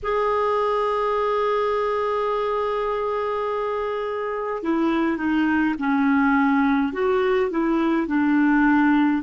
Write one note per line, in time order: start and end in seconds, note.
0.03 4.63 G#4
4.63 5.17 E4
5.17 5.74 D#4
5.78 6.92 C#4
6.92 7.50 F#4
7.50 8.07 E4
8.07 9.23 D4